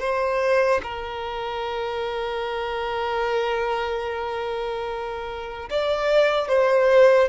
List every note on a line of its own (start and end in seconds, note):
0.00 0.81 C5
0.83 5.69 A#4
5.70 6.48 D5
6.48 7.29 C5